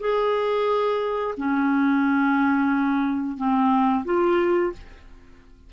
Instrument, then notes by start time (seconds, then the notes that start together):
clarinet
0.00 G#4
1.37 C#4
3.37 C4
4.05 F4